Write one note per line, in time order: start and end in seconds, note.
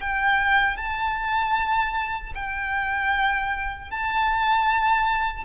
0.00 0.77 G5
0.77 2.33 A5
2.35 3.91 G5
3.91 5.44 A5